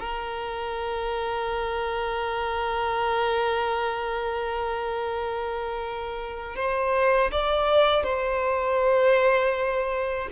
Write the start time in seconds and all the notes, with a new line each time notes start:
0.00 A#4
6.56 C5
7.32 D5
8.04 C5